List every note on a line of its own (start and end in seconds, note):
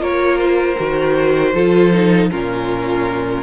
0.00 0.76 A#3
0.00 0.76 F4
0.00 1.53 A#4
0.00 0.38 C#5
0.38 2.28 C5
0.78 1.54 D#3
0.78 1.54 F#4
1.54 2.30 F3
1.54 1.92 F4
1.54 2.31 A4
1.93 2.31 D#4
2.31 3.43 A#2
2.31 3.43 C#4
2.31 3.43 F4
2.31 3.43 A#4